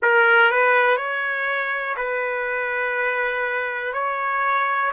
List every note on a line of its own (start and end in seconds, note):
0.02 0.51 A#4
0.51 0.96 B4
0.96 1.94 C#5
1.96 3.93 B4
3.93 4.91 C#5